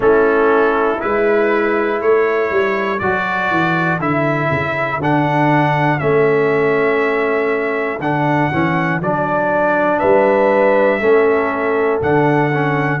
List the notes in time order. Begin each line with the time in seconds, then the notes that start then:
0.00 A3 C#4 E4 A4
0.99 G#3 E4 B4
1.98 A3 A4 C#5
2.50 G3
2.99 F#3 F#4 D5
3.50 E3
3.99 D3 E4 E5
4.50 C#3
4.98 D3 D4 F#5
5.99 A3 C#4 E5
7.99 D3 D4 F#5
8.51 E3 C#4
9.00 F#3 D4 D5
9.99 G3 B4 E5
10.99 A3 C#4 A4
12.01 D3 D4 F#5
12.53 C#4